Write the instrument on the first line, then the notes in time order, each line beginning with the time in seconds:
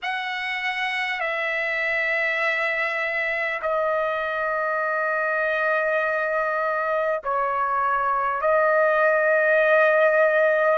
trumpet
0.02 F#5
1.20 E5
3.62 D#5
7.23 C#5
8.41 D#5